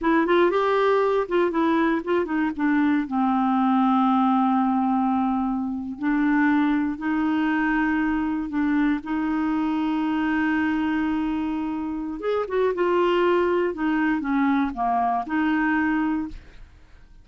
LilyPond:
\new Staff \with { instrumentName = "clarinet" } { \time 4/4 \tempo 4 = 118 e'8 f'8 g'4. f'8 e'4 | f'8 dis'8 d'4 c'2~ | c'2.~ c'8. d'16~ | d'4.~ d'16 dis'2~ dis'16~ |
dis'8. d'4 dis'2~ dis'16~ | dis'1 | gis'8 fis'8 f'2 dis'4 | cis'4 ais4 dis'2 | }